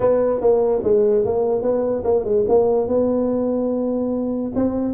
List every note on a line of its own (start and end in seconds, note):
0.00 0.40 B3
0.40 0.81 A#3
0.83 1.24 G#3
1.24 1.62 A#3
1.62 2.03 B3
2.03 2.24 A#3
2.24 2.44 G#3
2.48 2.87 A#3
2.87 4.52 B3
4.55 4.93 C4